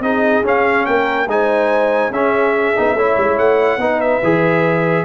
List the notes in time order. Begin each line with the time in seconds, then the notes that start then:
0.00 C4 D#4 G#4 D#5
0.44 C#4 F5
0.86 A#3 A#4 G5
1.27 G#3 D#4 C5 G#5
2.11 C#4 G#4 E5
2.76 B3 D#4
2.95 A3 E4 C#5
3.18 G#3
3.38 A3 F#5
3.78 B3 D#4 B4
4.01 E5
4.23 E3 G#4